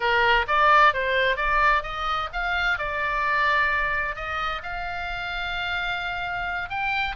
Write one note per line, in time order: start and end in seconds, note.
0.00 0.46 A#4
0.47 0.93 D5
0.93 1.36 C5
1.36 1.82 D5
1.83 2.29 D#5
2.32 2.78 F5
2.78 4.15 D5
4.15 4.62 D#5
4.62 6.69 F5
6.69 7.15 G5